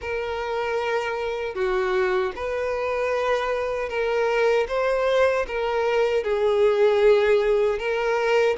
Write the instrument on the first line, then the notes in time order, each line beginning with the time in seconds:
violin
0.01 A#4
1.54 F#4
2.35 B4
3.89 A#4
4.68 C5
5.47 A#4
6.23 G#4
7.78 A#4